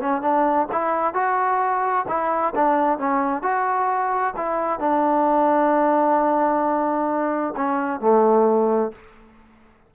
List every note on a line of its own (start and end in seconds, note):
0.00 0.21 C#4
0.21 0.67 D4
0.72 1.14 E4
1.14 2.05 F#4
2.08 2.54 E4
2.55 2.98 D4
2.98 3.42 C#4
3.42 4.33 F#4
4.36 4.79 E4
4.79 7.54 D4
7.56 8.00 C#4
8.00 8.92 A3